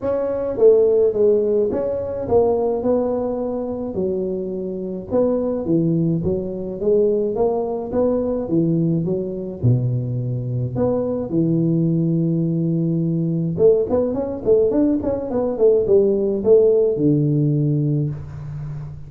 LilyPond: \new Staff \with { instrumentName = "tuba" } { \time 4/4 \tempo 4 = 106 cis'4 a4 gis4 cis'4 | ais4 b2 fis4~ | fis4 b4 e4 fis4 | gis4 ais4 b4 e4 |
fis4 b,2 b4 | e1 | a8 b8 cis'8 a8 d'8 cis'8 b8 a8 | g4 a4 d2 | }